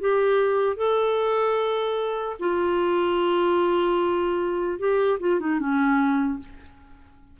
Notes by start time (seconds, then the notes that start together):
0.00 G4
0.76 A4
2.39 F4
4.79 G4
5.19 F4
5.40 D#4
5.59 C#4